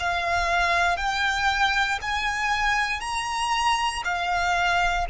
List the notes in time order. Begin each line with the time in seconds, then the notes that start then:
0.00 F5
0.97 G5
2.02 G#5
3.01 A#5
4.04 F5